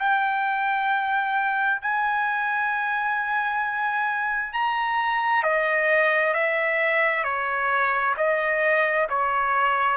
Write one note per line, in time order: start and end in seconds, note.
0.00 1.82 G5
1.82 4.53 G#5
4.53 5.43 A#5
5.43 6.34 D#5
6.34 7.24 E5
7.24 8.15 C#5
8.17 9.08 D#5
9.10 9.98 C#5